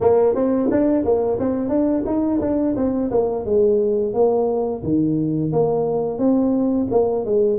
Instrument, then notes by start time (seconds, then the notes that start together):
tuba
0.00 A#3
0.35 C4
0.71 D4
1.04 A#3
1.39 C4
1.69 D4
2.05 D#4
2.40 D4
2.76 C4
3.10 A#3
3.45 G#3
4.13 A#3
4.83 D#3
5.52 A#3
6.18 C4
6.90 A#3
7.25 G#3